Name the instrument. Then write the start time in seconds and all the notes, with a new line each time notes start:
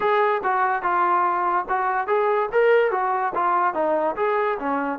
trombone
0.00 G#4
0.43 F#4
0.82 F4
1.69 F#4
2.07 G#4
2.52 A#4
2.91 F#4
3.34 F4
3.73 D#4
4.16 G#4
4.59 C#4